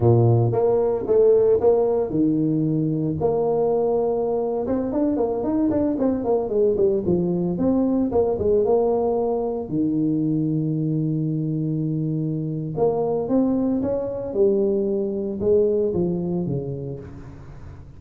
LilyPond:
\new Staff \with { instrumentName = "tuba" } { \time 4/4 \tempo 4 = 113 ais,4 ais4 a4 ais4 | dis2 ais2~ | ais8. c'8 d'8 ais8 dis'8 d'8 c'8 ais16~ | ais16 gis8 g8 f4 c'4 ais8 gis16~ |
gis16 ais2 dis4.~ dis16~ | dis1 | ais4 c'4 cis'4 g4~ | g4 gis4 f4 cis4 | }